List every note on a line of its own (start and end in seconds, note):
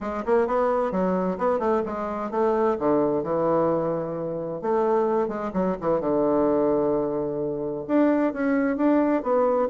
0.00 0.23 G#3
0.25 0.47 A#3
0.47 0.91 B3
0.91 1.37 F#3
1.38 1.59 B3
1.59 1.82 A3
1.85 2.31 G#3
2.31 2.77 A3
2.78 3.23 D3
3.23 4.61 E3
4.61 5.28 A3
5.28 5.51 G#3
5.53 5.76 F#3
5.80 6.00 E3
6.00 7.85 D3
7.87 8.33 D4
8.33 8.77 C#4
8.77 9.22 D4
9.22 9.68 B3